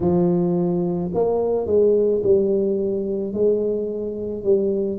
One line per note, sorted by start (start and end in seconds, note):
0.00 1.11 F3
1.14 1.66 A#3
1.66 2.22 G#3
2.23 3.33 G3
3.33 4.43 G#3
4.43 4.98 G3